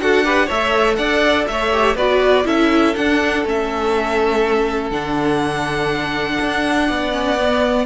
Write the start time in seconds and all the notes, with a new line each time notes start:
0.00 D4 F#4 A4 F#5
0.24 G4 B4
0.46 A3 A4 C#5 E5
0.96 D4 D5 F#5
1.48 A3 C#5 E5
1.72 G4
1.96 B3 F#4 B4 D5
2.45 C#4 E4 A4 E5
2.96 D4 F#5
3.45 A3 C#4 E5
4.91 D3 D4 F#5
6.41 D4
6.88 B3 D5
7.13 C#4
7.37 B3